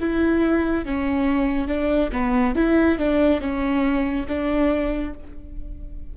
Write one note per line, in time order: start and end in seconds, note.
0.00 0.85 E4
0.85 1.68 C#4
1.68 2.10 D4
2.12 2.55 B3
2.55 2.98 E4
2.98 3.41 D4
3.41 4.26 C#4
4.28 5.14 D4